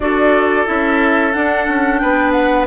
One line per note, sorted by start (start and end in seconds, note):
0.00 0.66 D4
0.00 0.65 F#4
0.00 2.01 A4
0.00 0.66 D5
0.65 1.35 C#4
0.65 1.32 E4
0.65 1.32 E5
1.32 1.67 D4
1.32 2.67 D4
1.32 1.98 F#5
1.67 2.01 C#4
1.98 2.67 B3
1.98 2.67 B4
1.98 2.31 G5
2.32 2.65 F#5